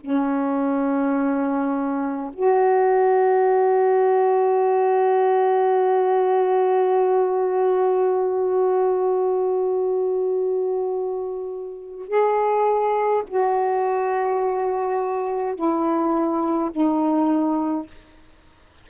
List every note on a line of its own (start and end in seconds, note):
0.00 2.31 C#4
2.33 12.07 F#4
12.07 13.23 G#4
13.27 15.55 F#4
15.55 16.70 E4
16.71 17.86 D#4